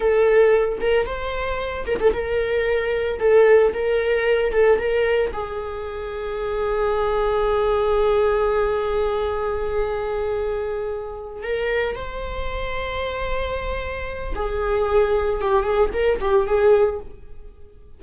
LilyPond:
\new Staff \with { instrumentName = "viola" } { \time 4/4 \tempo 4 = 113 a'4. ais'8 c''4. ais'16 a'16 | ais'2 a'4 ais'4~ | ais'8 a'8 ais'4 gis'2~ | gis'1~ |
gis'1~ | gis'4. ais'4 c''4.~ | c''2. gis'4~ | gis'4 g'8 gis'8 ais'8 g'8 gis'4 | }